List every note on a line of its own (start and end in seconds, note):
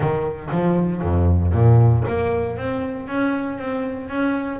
0.00 0.49 D#3
0.51 1.01 F3
1.01 1.52 F2
1.52 2.04 A#2
2.07 2.57 A#3
2.57 3.07 C4
3.07 3.58 C#4
3.58 4.08 C4
4.08 4.59 C#4